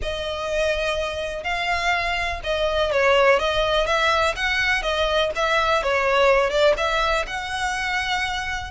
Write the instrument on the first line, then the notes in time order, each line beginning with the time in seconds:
violin
0.02 D#5
1.43 F5
2.43 D#5
2.91 C#5
3.39 D#5
3.86 E5
4.35 F#5
4.82 D#5
5.35 E5
5.82 C#5
6.49 D5
6.77 E5
7.26 F#5